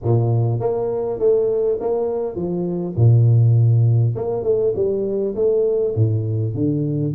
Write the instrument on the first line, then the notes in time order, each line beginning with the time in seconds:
tuba
0.03 A#2
0.59 A#3
1.19 A3
1.80 A#3
2.35 F3
2.96 A#2
4.15 A#3
4.43 A3
4.75 G3
5.35 A3
5.95 A2
6.54 D3